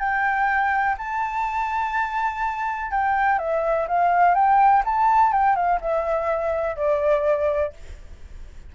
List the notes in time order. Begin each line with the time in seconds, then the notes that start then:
0.00 G5
0.98 A5
2.91 G5
3.39 E5
3.88 F5
4.35 G5
4.85 A5
5.33 G5
5.56 F5
5.81 E5
6.77 D5